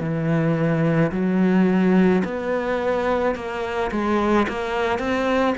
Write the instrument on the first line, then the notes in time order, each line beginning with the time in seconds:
cello
0.00 E3
1.11 F#3
2.24 B3
3.35 A#3
3.91 G#3
4.48 A#3
4.98 C4